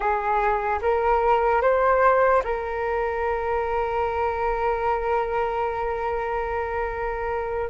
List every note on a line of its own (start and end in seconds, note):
0.00 0.79 G#4
0.81 1.61 A#4
1.61 2.42 C5
2.44 7.70 A#4